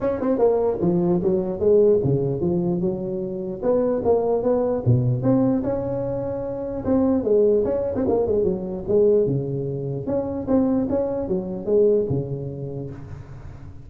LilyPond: \new Staff \with { instrumentName = "tuba" } { \time 4/4 \tempo 4 = 149 cis'8 c'8 ais4 f4 fis4 | gis4 cis4 f4 fis4~ | fis4 b4 ais4 b4 | b,4 c'4 cis'2~ |
cis'4 c'4 gis4 cis'8. c'16 | ais8 gis8 fis4 gis4 cis4~ | cis4 cis'4 c'4 cis'4 | fis4 gis4 cis2 | }